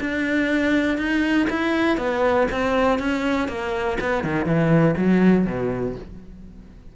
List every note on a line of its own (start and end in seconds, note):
0.00 0.98 D4
0.98 1.47 D#4
1.50 1.97 E4
1.97 2.47 B3
2.51 2.99 C4
2.99 3.48 C#4
3.48 3.97 A#3
4.00 4.24 B3
4.24 4.45 D#3
4.45 4.95 E3
4.97 5.46 F#3
5.46 5.95 B2